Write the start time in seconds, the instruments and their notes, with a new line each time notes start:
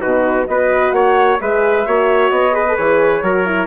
0.00 bassoon B2, horn D#4, trumpet F#4, flute B4
0.47 bassoon B3, horn F#4, trumpet B4, flute D#5
0.91 bassoon A#3, trumpet C#5, flute F#5
1.39 bassoon G#3, horn G#4, trumpet B4, flute E5
1.85 bassoon A#3, horn F#4, trumpet C#5
2.30 bassoon B3, flute D#5
2.52 horn G#4, trumpet B4
2.68 horn A4
2.76 bassoon E3, horn G#4, flute C#5
3.22 bassoon F#3, horn F#4, trumpet A#4
3.45 horn E4